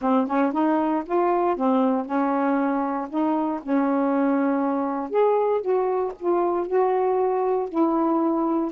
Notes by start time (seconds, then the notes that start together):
0.01 C4
0.26 C#4
0.52 D#4
1.05 F4
1.56 C4
2.05 C#4
3.09 D#4
3.62 C#4
5.10 G#4
5.61 F#4
6.19 F4
6.67 F#4
7.69 E4